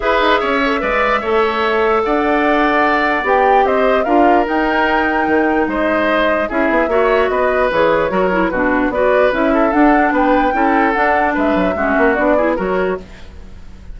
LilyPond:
<<
  \new Staff \with { instrumentName = "flute" } { \time 4/4 \tempo 4 = 148 e''1~ | e''4 fis''2. | g''4 dis''4 f''4 g''4~ | g''2 dis''2 |
e''2 dis''4 cis''4~ | cis''4 b'4 d''4 e''4 | fis''4 g''2 fis''4 | e''2 d''4 cis''4 | }
  \new Staff \with { instrumentName = "oboe" } { \time 4/4 b'4 cis''4 d''4 cis''4~ | cis''4 d''2.~ | d''4 c''4 ais'2~ | ais'2 c''2 |
gis'4 cis''4 b'2 | ais'4 fis'4 b'4. a'8~ | a'4 b'4 a'2 | b'4 fis'4. gis'8 ais'4 | }
  \new Staff \with { instrumentName = "clarinet" } { \time 4/4 gis'4. a'8 b'4 a'4~ | a'1 | g'2 f'4 dis'4~ | dis'1 |
e'4 fis'2 gis'4 | fis'8 e'8 d'4 fis'4 e'4 | d'2 e'4 d'4~ | d'4 cis'4 d'8 e'8 fis'4 | }
  \new Staff \with { instrumentName = "bassoon" } { \time 4/4 e'8 dis'8 cis'4 gis4 a4~ | a4 d'2. | b4 c'4 d'4 dis'4~ | dis'4 dis4 gis2 |
cis'8 b8 ais4 b4 e4 | fis4 b,4 b4 cis'4 | d'4 b4 cis'4 d'4 | gis8 fis8 gis8 ais8 b4 fis4 | }
>>